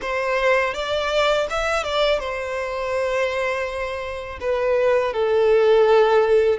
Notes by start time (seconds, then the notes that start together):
0.01 C5
0.74 D5
1.50 E5
1.83 D5
2.19 C5
4.40 B4
5.13 A4